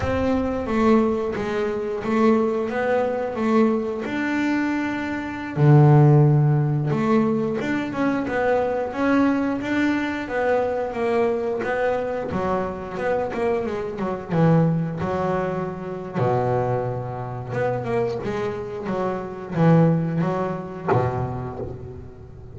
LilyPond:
\new Staff \with { instrumentName = "double bass" } { \time 4/4 \tempo 4 = 89 c'4 a4 gis4 a4 | b4 a4 d'2~ | d'16 d2 a4 d'8 cis'16~ | cis'16 b4 cis'4 d'4 b8.~ |
b16 ais4 b4 fis4 b8 ais16~ | ais16 gis8 fis8 e4 fis4.~ fis16 | b,2 b8 ais8 gis4 | fis4 e4 fis4 b,4 | }